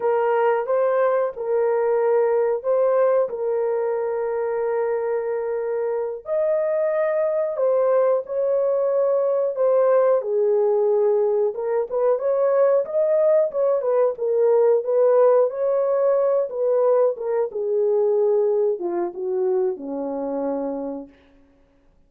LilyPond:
\new Staff \with { instrumentName = "horn" } { \time 4/4 \tempo 4 = 91 ais'4 c''4 ais'2 | c''4 ais'2.~ | ais'4. dis''2 c''8~ | c''8 cis''2 c''4 gis'8~ |
gis'4. ais'8 b'8 cis''4 dis''8~ | dis''8 cis''8 b'8 ais'4 b'4 cis''8~ | cis''4 b'4 ais'8 gis'4.~ | gis'8 f'8 fis'4 cis'2 | }